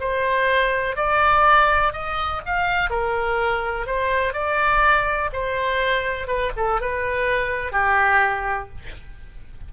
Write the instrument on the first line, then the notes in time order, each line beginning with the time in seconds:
oboe
0.00 C5
0.96 D5
1.93 D#5
2.46 F5
2.90 A#4
3.87 C5
4.33 D5
5.33 C5
6.27 B4
6.57 A4
6.81 B4
7.72 G4